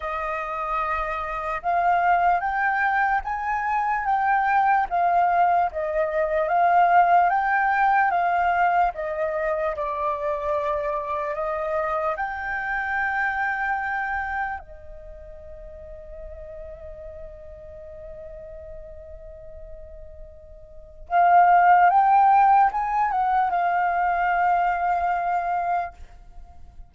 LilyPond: \new Staff \with { instrumentName = "flute" } { \time 4/4 \tempo 4 = 74 dis''2 f''4 g''4 | gis''4 g''4 f''4 dis''4 | f''4 g''4 f''4 dis''4 | d''2 dis''4 g''4~ |
g''2 dis''2~ | dis''1~ | dis''2 f''4 g''4 | gis''8 fis''8 f''2. | }